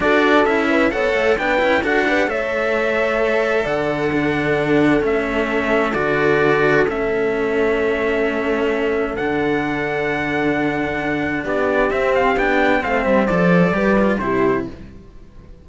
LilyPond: <<
  \new Staff \with { instrumentName = "trumpet" } { \time 4/4 \tempo 4 = 131 d''4 e''4 fis''4 g''4 | fis''4 e''2. | fis''2. e''4~ | e''4 d''2 e''4~ |
e''1 | fis''1~ | fis''4 d''4 e''8 f''8 g''4 | f''8 e''8 d''2 c''4 | }
  \new Staff \with { instrumentName = "horn" } { \time 4/4 a'4. b'8 cis''4 b'4 | a'8 b'8 cis''2. | d''4 a'2.~ | a'1~ |
a'1~ | a'1~ | a'4 g'2. | c''2 b'4 g'4 | }
  \new Staff \with { instrumentName = "cello" } { \time 4/4 fis'4 e'4 a'4 d'8 e'8 | fis'8 g'8 a'2.~ | a'4 d'2 cis'4~ | cis'4 fis'2 cis'4~ |
cis'1 | d'1~ | d'2 c'4 d'4 | c'4 a'4 g'8 f'8 e'4 | }
  \new Staff \with { instrumentName = "cello" } { \time 4/4 d'4 cis'4 b8 a8 b8 cis'8 | d'4 a2. | d2. a4~ | a4 d2 a4~ |
a1 | d1~ | d4 b4 c'4 b4 | a8 g8 f4 g4 c4 | }
>>